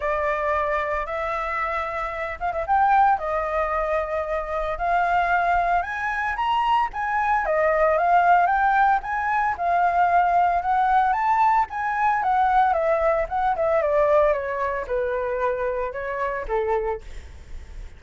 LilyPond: \new Staff \with { instrumentName = "flute" } { \time 4/4 \tempo 4 = 113 d''2 e''2~ | e''8 f''16 e''16 g''4 dis''2~ | dis''4 f''2 gis''4 | ais''4 gis''4 dis''4 f''4 |
g''4 gis''4 f''2 | fis''4 a''4 gis''4 fis''4 | e''4 fis''8 e''8 d''4 cis''4 | b'2 cis''4 a'4 | }